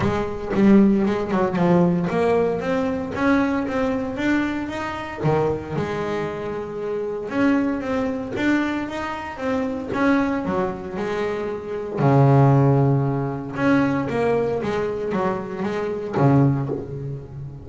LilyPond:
\new Staff \with { instrumentName = "double bass" } { \time 4/4 \tempo 4 = 115 gis4 g4 gis8 fis8 f4 | ais4 c'4 cis'4 c'4 | d'4 dis'4 dis4 gis4~ | gis2 cis'4 c'4 |
d'4 dis'4 c'4 cis'4 | fis4 gis2 cis4~ | cis2 cis'4 ais4 | gis4 fis4 gis4 cis4 | }